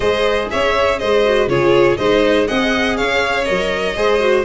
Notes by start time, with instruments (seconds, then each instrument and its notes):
0.00 tuba G#3, viola G#4, violin C5 D#5
0.50 tuba C#4, violin C#5 E5
0.98 tuba G#3, violin C5 D#5
1.25 viola F#4
1.48 tuba C#3, viola F4, violin G#4 C#5
1.97 tuba G#3, viola D#4, violin C5 D#5
2.47 tuba C4, viola G#4, violin D#5 F#5
2.96 tuba C#4, violin C#5 F5
3.44 tuba F#3, viola A#4, violin D#5
3.95 tuba G#3, viola G#4, violin C5
4.20 viola F#4